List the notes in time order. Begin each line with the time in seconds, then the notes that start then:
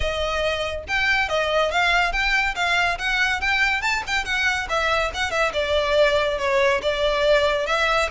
0.00 D#5
0.88 G5
1.28 D#5
1.71 F5
2.12 G5
2.55 F5
2.98 F#5
3.40 G5
3.81 A5
4.06 G5
4.25 F#5
4.69 E5
5.14 F#5
5.30 E5
5.53 D5
6.38 C#5
6.81 D5
7.66 E5